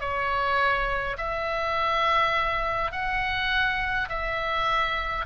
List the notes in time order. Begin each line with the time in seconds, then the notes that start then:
0.00 C#5
1.17 E5
2.92 F#5
4.09 E5